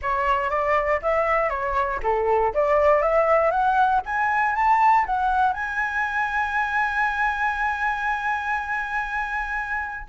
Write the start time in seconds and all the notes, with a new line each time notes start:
0.02 C#5
0.50 D5
1.02 E5
1.49 C#5
2.03 A4
2.54 D5
3.02 E5
3.50 F#5
4.05 G#5
4.55 A5
5.06 F#5
5.53 G#5